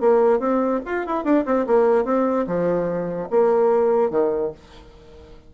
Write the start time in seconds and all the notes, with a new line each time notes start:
0.00 A#3
0.39 C4
0.85 F4
1.06 E4
1.24 D4
1.45 C4
1.67 A#3
2.04 C4
2.47 F3
3.30 A#3
4.10 D#3